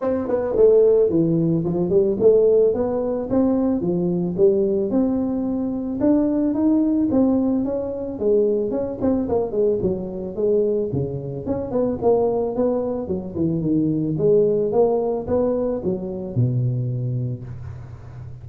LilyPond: \new Staff \with { instrumentName = "tuba" } { \time 4/4 \tempo 4 = 110 c'8 b8 a4 e4 f8 g8 | a4 b4 c'4 f4 | g4 c'2 d'4 | dis'4 c'4 cis'4 gis4 |
cis'8 c'8 ais8 gis8 fis4 gis4 | cis4 cis'8 b8 ais4 b4 | fis8 e8 dis4 gis4 ais4 | b4 fis4 b,2 | }